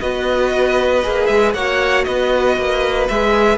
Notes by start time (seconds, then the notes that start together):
0.00 B3 F#4 B4 D#5
1.03 A#3 G#4
1.26 G#3 E5
1.54 A#3 F#4 C#5 F#5
2.04 B3 B4 D#5
2.57 A#3
3.08 G#3 G#4 E5